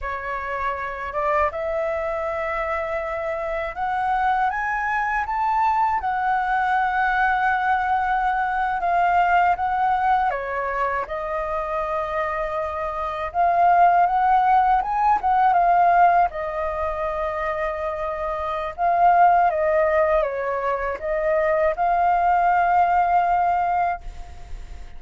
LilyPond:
\new Staff \with { instrumentName = "flute" } { \time 4/4 \tempo 4 = 80 cis''4. d''8 e''2~ | e''4 fis''4 gis''4 a''4 | fis''2.~ fis''8. f''16~ | f''8. fis''4 cis''4 dis''4~ dis''16~ |
dis''4.~ dis''16 f''4 fis''4 gis''16~ | gis''16 fis''8 f''4 dis''2~ dis''16~ | dis''4 f''4 dis''4 cis''4 | dis''4 f''2. | }